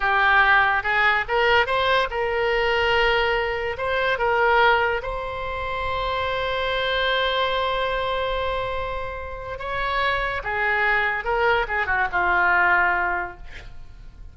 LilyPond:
\new Staff \with { instrumentName = "oboe" } { \time 4/4 \tempo 4 = 144 g'2 gis'4 ais'4 | c''4 ais'2.~ | ais'4 c''4 ais'2 | c''1~ |
c''1~ | c''2. cis''4~ | cis''4 gis'2 ais'4 | gis'8 fis'8 f'2. | }